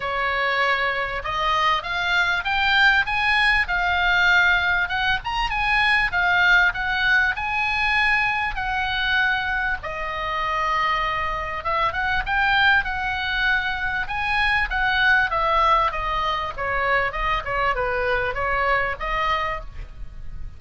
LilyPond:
\new Staff \with { instrumentName = "oboe" } { \time 4/4 \tempo 4 = 98 cis''2 dis''4 f''4 | g''4 gis''4 f''2 | fis''8 ais''8 gis''4 f''4 fis''4 | gis''2 fis''2 |
dis''2. e''8 fis''8 | g''4 fis''2 gis''4 | fis''4 e''4 dis''4 cis''4 | dis''8 cis''8 b'4 cis''4 dis''4 | }